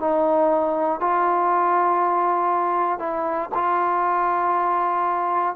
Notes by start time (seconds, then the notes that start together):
0.00 D#4
1.00 F4
2.99 E4
3.54 F4